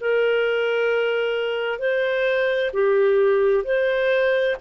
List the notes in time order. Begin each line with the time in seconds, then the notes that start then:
0.00 A#4
1.78 C5
2.73 G4
3.64 C5